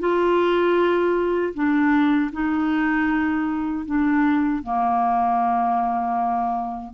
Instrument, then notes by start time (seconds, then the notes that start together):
clarinet
0.00 F4
1.55 D4
2.33 D#4
3.86 D4
4.63 A#3